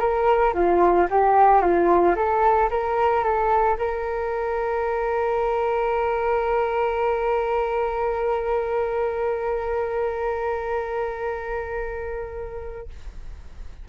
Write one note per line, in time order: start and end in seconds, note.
0.00 0.54 A#4
0.54 1.08 F4
1.10 1.61 G4
1.61 2.15 F4
2.16 2.70 A4
2.71 3.24 A#4
3.24 3.77 A4
3.78 12.89 A#4